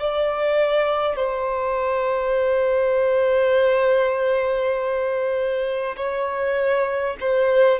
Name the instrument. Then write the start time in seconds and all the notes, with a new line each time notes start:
violin
0.00 D5
1.16 C5
5.97 C#5
7.21 C5